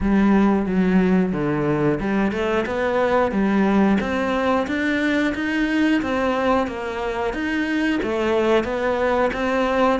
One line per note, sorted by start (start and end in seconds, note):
0.00 0.66 G3
0.66 1.32 F#3
1.32 1.98 D3
2.00 2.32 G3
2.32 2.65 A3
2.65 3.31 B3
3.31 3.98 G3
4.00 4.67 C4
4.67 5.33 D4
5.35 6.01 D#4
6.02 6.67 C4
6.67 7.33 A#3
7.33 8.00 D#4
8.02 8.63 A3
8.63 9.30 B3
9.33 9.99 C4